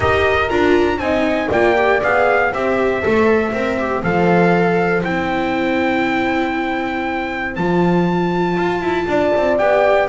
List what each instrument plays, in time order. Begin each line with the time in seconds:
0.00 double bass D#4, viola G4, horn A#4, trumpet D#5
0.49 double bass D4, viola F4, trumpet A#5
0.98 double bass C4, viola D#4, horn D#5, trumpet G#5
1.49 double bass A#3, viola F4, horn D5, trumpet G5
1.76 viola G4
2.02 double bass B3, viola G#4, trumpet F5
2.50 double bass C4, viola G4, horn C5, trumpet E5
3.01 double bass A3, viola A4
3.52 double bass C4, viola A#4
3.78 viola G4
4.03 double bass F3, viola A4, trumpet F5
5.03 double bass C4, viola E4, trumpet G5
7.55 double bass F3, viola F4, trumpet A5
8.57 double bass F4
8.81 double bass E4
9.07 double bass D4, horn D5
9.36 double bass C4
9.57 double bass B3, viola G4, trumpet G5